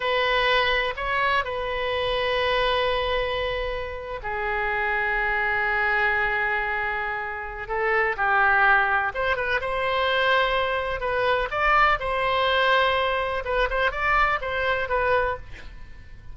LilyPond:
\new Staff \with { instrumentName = "oboe" } { \time 4/4 \tempo 4 = 125 b'2 cis''4 b'4~ | b'1~ | b'8. gis'2.~ gis'16~ | gis'1 |
a'4 g'2 c''8 b'8 | c''2. b'4 | d''4 c''2. | b'8 c''8 d''4 c''4 b'4 | }